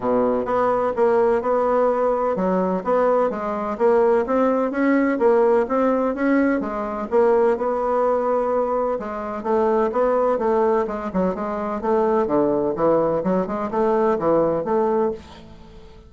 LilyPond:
\new Staff \with { instrumentName = "bassoon" } { \time 4/4 \tempo 4 = 127 b,4 b4 ais4 b4~ | b4 fis4 b4 gis4 | ais4 c'4 cis'4 ais4 | c'4 cis'4 gis4 ais4 |
b2. gis4 | a4 b4 a4 gis8 fis8 | gis4 a4 d4 e4 | fis8 gis8 a4 e4 a4 | }